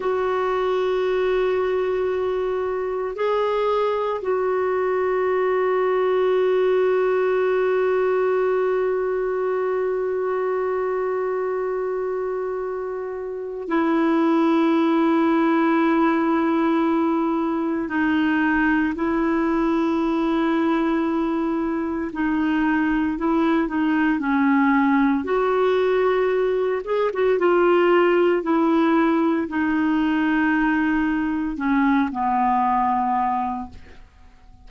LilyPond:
\new Staff \with { instrumentName = "clarinet" } { \time 4/4 \tempo 4 = 57 fis'2. gis'4 | fis'1~ | fis'1~ | fis'4 e'2.~ |
e'4 dis'4 e'2~ | e'4 dis'4 e'8 dis'8 cis'4 | fis'4. gis'16 fis'16 f'4 e'4 | dis'2 cis'8 b4. | }